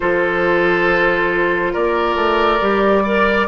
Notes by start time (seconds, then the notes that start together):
0.00 F3 F4 A4 C5
1.72 A#3 A#4 D5
2.15 A3
2.60 G3 G4
3.03 A#4 D5